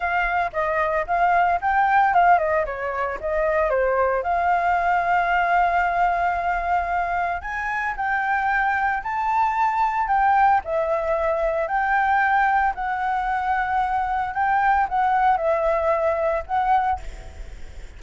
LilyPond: \new Staff \with { instrumentName = "flute" } { \time 4/4 \tempo 4 = 113 f''4 dis''4 f''4 g''4 | f''8 dis''8 cis''4 dis''4 c''4 | f''1~ | f''2 gis''4 g''4~ |
g''4 a''2 g''4 | e''2 g''2 | fis''2. g''4 | fis''4 e''2 fis''4 | }